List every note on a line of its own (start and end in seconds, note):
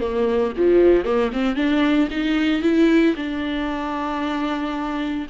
0.00 0.53 A#3
0.57 1.05 F3
1.05 1.31 A#3
1.32 1.56 C4
1.56 2.08 D4
2.10 2.62 D#4
2.62 3.15 E4
3.16 5.27 D4